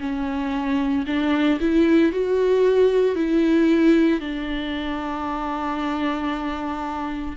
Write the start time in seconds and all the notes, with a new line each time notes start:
0.00 C#4
1.07 D4
1.60 E4
2.12 F#4
3.15 E4
4.20 D4